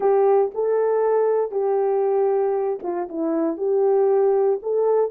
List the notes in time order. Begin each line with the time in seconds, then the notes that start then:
0.00 G4
0.54 A4
1.51 G4
2.82 F4
3.08 E4
3.57 G4
4.62 A4